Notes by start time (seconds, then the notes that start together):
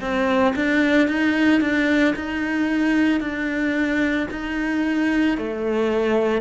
0.00 C4
0.55 D4
1.08 D#4
1.61 D4
2.15 D#4
3.20 D4
4.31 D#4
5.37 A3